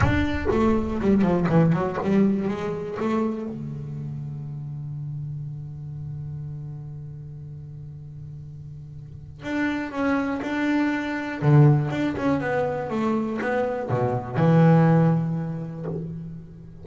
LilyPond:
\new Staff \with { instrumentName = "double bass" } { \time 4/4 \tempo 4 = 121 d'4 a4 g8 f8 e8 fis8 | g4 gis4 a4 d4~ | d1~ | d1~ |
d2. d'4 | cis'4 d'2 d4 | d'8 cis'8 b4 a4 b4 | b,4 e2. | }